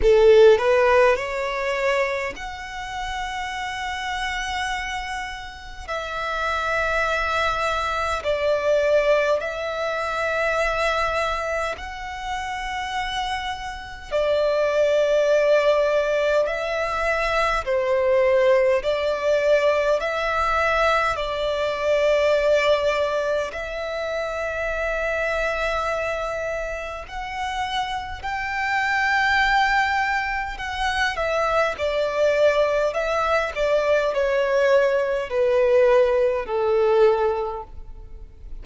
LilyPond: \new Staff \with { instrumentName = "violin" } { \time 4/4 \tempo 4 = 51 a'8 b'8 cis''4 fis''2~ | fis''4 e''2 d''4 | e''2 fis''2 | d''2 e''4 c''4 |
d''4 e''4 d''2 | e''2. fis''4 | g''2 fis''8 e''8 d''4 | e''8 d''8 cis''4 b'4 a'4 | }